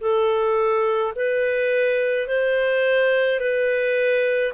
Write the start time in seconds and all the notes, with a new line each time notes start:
0.00 A4
1.15 B4
2.27 C5
3.40 B4